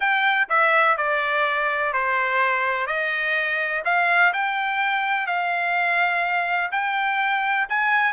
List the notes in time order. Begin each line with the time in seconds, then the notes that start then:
0.00 G5
0.49 E5
0.97 D5
1.93 C5
2.86 D#5
3.84 F5
4.33 G5
5.27 F5
6.71 G5
7.69 G#5